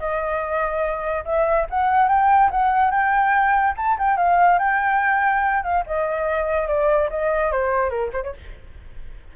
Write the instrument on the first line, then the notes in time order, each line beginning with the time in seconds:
flute
0.00 D#5
1.25 E5
1.71 F#5
2.09 G5
2.52 F#5
2.91 G5
3.77 A5
3.99 G5
4.18 F5
4.59 G5
5.64 F5
5.87 D#5
6.68 D5
7.11 D#5
7.52 C5
7.90 A#4
8.13 C5
8.24 C#5